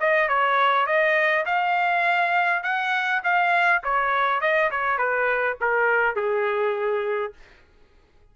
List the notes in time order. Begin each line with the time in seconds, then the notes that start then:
0.00 D#5
0.28 C#5
0.86 D#5
1.46 F5
2.63 F#5
3.24 F5
3.84 C#5
4.41 D#5
4.71 C#5
4.98 B4
5.61 A#4
6.16 G#4